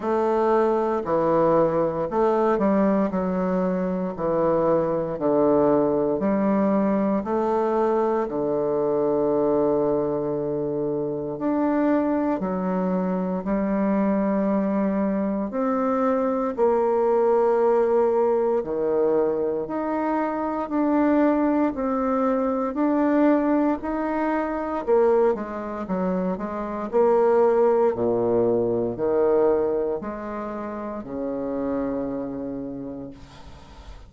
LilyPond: \new Staff \with { instrumentName = "bassoon" } { \time 4/4 \tempo 4 = 58 a4 e4 a8 g8 fis4 | e4 d4 g4 a4 | d2. d'4 | fis4 g2 c'4 |
ais2 dis4 dis'4 | d'4 c'4 d'4 dis'4 | ais8 gis8 fis8 gis8 ais4 ais,4 | dis4 gis4 cis2 | }